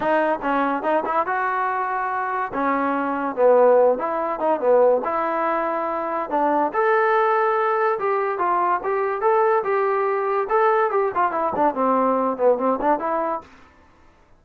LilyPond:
\new Staff \with { instrumentName = "trombone" } { \time 4/4 \tempo 4 = 143 dis'4 cis'4 dis'8 e'8 fis'4~ | fis'2 cis'2 | b4. e'4 dis'8 b4 | e'2. d'4 |
a'2. g'4 | f'4 g'4 a'4 g'4~ | g'4 a'4 g'8 f'8 e'8 d'8 | c'4. b8 c'8 d'8 e'4 | }